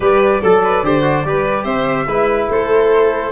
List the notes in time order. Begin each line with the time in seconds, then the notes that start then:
0.00 G3 G4 B4 D5
0.41 F#3 A4
0.63 B4
0.83 D3 G4 C5
1.02 F#4
1.25 G3 G4 B4
1.63 C4 C5 E5
2.06 G#3 E4 B4
2.49 A3 A4 C5